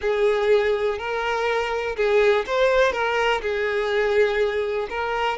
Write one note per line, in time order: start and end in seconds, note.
0.01 0.98 G#4
0.98 1.96 A#4
1.96 2.45 G#4
2.46 2.92 C5
2.92 3.41 A#4
3.41 4.88 G#4
4.89 5.37 A#4